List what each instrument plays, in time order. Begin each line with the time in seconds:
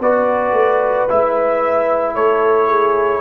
0.00 tuba B3, trombone F#4, horn B4, trumpet D5
0.52 tuba A3
1.09 tuba G#3, trombone E4, trumpet E5
2.15 tuba A3, horn A4, trumpet C#5
2.69 horn G#4